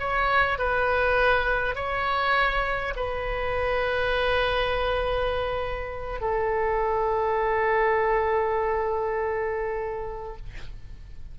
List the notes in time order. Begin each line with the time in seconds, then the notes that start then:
0.00 C#5
0.59 B4
1.76 C#5
2.96 B4
6.21 A4